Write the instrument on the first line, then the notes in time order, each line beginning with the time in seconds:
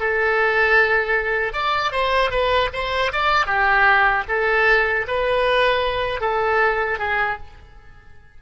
oboe
0.00 A4
1.53 D5
1.92 C5
2.31 B4
2.73 C5
3.12 D5
3.46 G4
4.28 A4
5.07 B4
6.21 A4
6.98 G#4